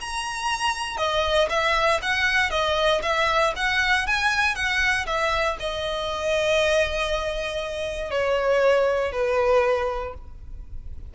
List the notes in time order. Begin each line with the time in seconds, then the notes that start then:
0.00 A#5
0.97 D#5
1.49 E5
2.02 F#5
2.50 D#5
3.02 E5
3.56 F#5
4.06 G#5
4.55 F#5
5.06 E5
5.59 D#5
8.10 C#5
9.12 B4